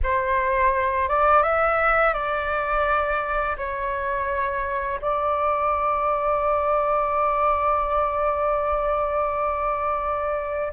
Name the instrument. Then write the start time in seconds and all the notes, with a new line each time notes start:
flute
0.03 C5
1.08 D5
1.43 E5
2.13 D5
3.57 C#5
5.01 D5